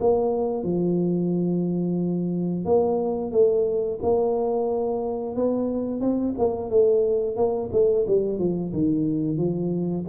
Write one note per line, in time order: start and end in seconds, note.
0.00 0.63 A#3
0.63 2.65 F3
2.65 3.32 A#3
3.32 3.99 A3
4.02 5.35 A#3
5.35 6.01 B3
6.01 6.34 C4
6.38 6.70 A#3
6.70 7.36 A3
7.36 7.70 A#3
7.72 8.06 A3
8.07 8.39 G3
8.39 8.72 F3
8.73 9.37 D#3
9.37 10.05 F3